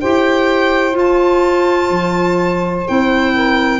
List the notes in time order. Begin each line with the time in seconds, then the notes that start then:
0.00 E4 G4 C5 G5
0.92 F4
0.99 A5
1.90 F3
2.87 C4 E4 G5
3.34 A#4